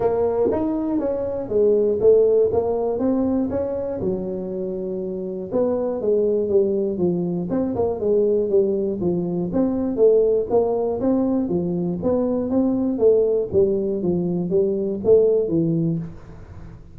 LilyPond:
\new Staff \with { instrumentName = "tuba" } { \time 4/4 \tempo 4 = 120 ais4 dis'4 cis'4 gis4 | a4 ais4 c'4 cis'4 | fis2. b4 | gis4 g4 f4 c'8 ais8 |
gis4 g4 f4 c'4 | a4 ais4 c'4 f4 | b4 c'4 a4 g4 | f4 g4 a4 e4 | }